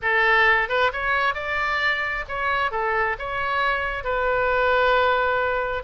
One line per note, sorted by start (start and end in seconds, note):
0.02 0.68 A4
0.68 0.91 B4
0.92 1.34 C#5
1.34 2.24 D5
2.28 2.71 C#5
2.71 3.16 A4
3.18 4.04 C#5
4.04 5.83 B4